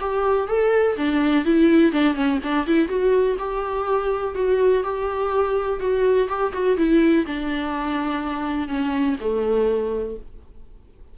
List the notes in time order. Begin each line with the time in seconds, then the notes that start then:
0.00 G4
0.48 A4
0.97 D4
1.45 E4
1.92 D4
2.15 C#4
2.43 D4
2.67 E4
2.88 F#4
3.38 G4
4.35 F#4
4.83 G4
5.80 F#4
6.28 G4
6.53 F#4
6.77 E4
7.26 D4
8.68 C#4
9.20 A3